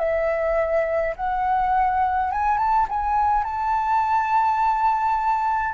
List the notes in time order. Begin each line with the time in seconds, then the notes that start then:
0.00 E5
1.16 F#5
2.32 G#5
2.58 A5
2.89 G#5
3.45 A5